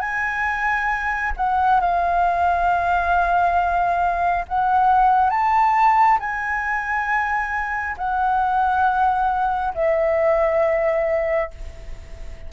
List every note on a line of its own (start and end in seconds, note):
0.00 1.32 G#5
1.37 1.80 F#5
1.80 4.45 F5
4.48 5.30 F#5
5.30 6.18 A5
6.20 7.96 G#5
7.98 9.74 F#5
9.74 11.51 E5